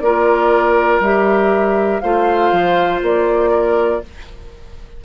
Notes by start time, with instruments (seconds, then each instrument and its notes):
0.00 bassoon A#3, clarinet F4, oboe A#4, flute D5
1.00 bassoon G3, clarinet G4, flute E5
2.00 bassoon A3, clarinet F4, oboe C5, flute F5
2.52 bassoon F3
3.02 bassoon A#3, flute D5
3.51 oboe A#4